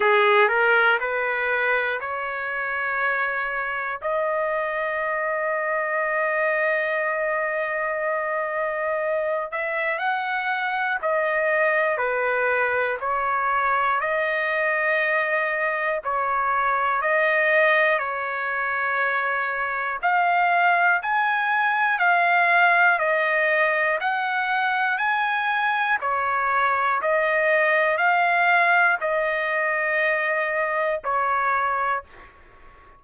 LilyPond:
\new Staff \with { instrumentName = "trumpet" } { \time 4/4 \tempo 4 = 60 gis'8 ais'8 b'4 cis''2 | dis''1~ | dis''4. e''8 fis''4 dis''4 | b'4 cis''4 dis''2 |
cis''4 dis''4 cis''2 | f''4 gis''4 f''4 dis''4 | fis''4 gis''4 cis''4 dis''4 | f''4 dis''2 cis''4 | }